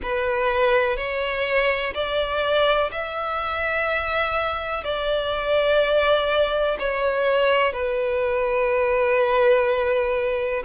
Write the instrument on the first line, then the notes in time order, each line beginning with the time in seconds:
violin
0.02 B4
0.96 C#5
1.94 D5
2.91 E5
4.83 D5
6.79 C#5
7.72 B4